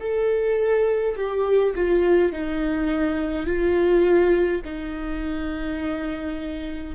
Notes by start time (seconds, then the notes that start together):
0.00 A4
1.16 G4
1.75 F4
2.32 D#4
3.46 F4
4.64 D#4